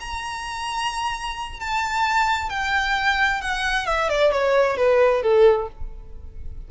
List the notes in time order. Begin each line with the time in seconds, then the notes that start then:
0.00 A#5
1.60 A5
2.50 G5
3.41 F#5
3.86 E5
4.09 D5
4.32 C#5
4.77 B4
5.22 A4